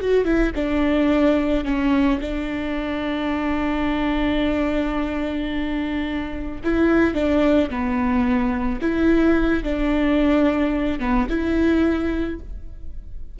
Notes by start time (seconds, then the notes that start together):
0.00 F#4
0.24 E4
0.55 D4
1.64 C#4
2.20 D4
6.63 E4
7.14 D4
7.69 B3
8.81 E4
9.63 D4
10.99 B3
11.29 E4